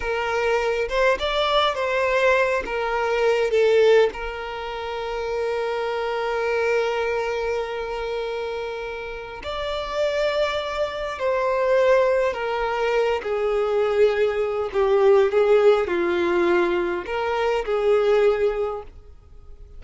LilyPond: \new Staff \with { instrumentName = "violin" } { \time 4/4 \tempo 4 = 102 ais'4. c''8 d''4 c''4~ | c''8 ais'4. a'4 ais'4~ | ais'1~ | ais'1 |
d''2. c''4~ | c''4 ais'4. gis'4.~ | gis'4 g'4 gis'4 f'4~ | f'4 ais'4 gis'2 | }